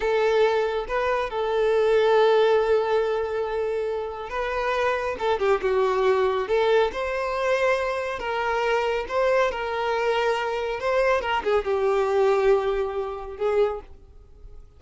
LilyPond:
\new Staff \with { instrumentName = "violin" } { \time 4/4 \tempo 4 = 139 a'2 b'4 a'4~ | a'1~ | a'2 b'2 | a'8 g'8 fis'2 a'4 |
c''2. ais'4~ | ais'4 c''4 ais'2~ | ais'4 c''4 ais'8 gis'8 g'4~ | g'2. gis'4 | }